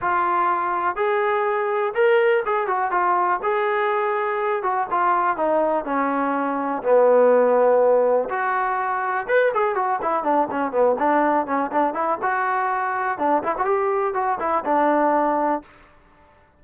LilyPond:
\new Staff \with { instrumentName = "trombone" } { \time 4/4 \tempo 4 = 123 f'2 gis'2 | ais'4 gis'8 fis'8 f'4 gis'4~ | gis'4. fis'8 f'4 dis'4 | cis'2 b2~ |
b4 fis'2 b'8 gis'8 | fis'8 e'8 d'8 cis'8 b8 d'4 cis'8 | d'8 e'8 fis'2 d'8 e'16 fis'16 | g'4 fis'8 e'8 d'2 | }